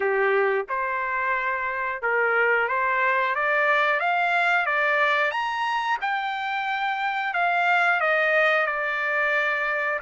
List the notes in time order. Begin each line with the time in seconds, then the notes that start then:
0.00 G4
0.68 C5
2.02 A#4
2.68 C5
3.35 D5
4.00 F5
4.65 D5
5.31 A#5
6.01 G5
7.33 F5
8.00 D#5
8.66 D5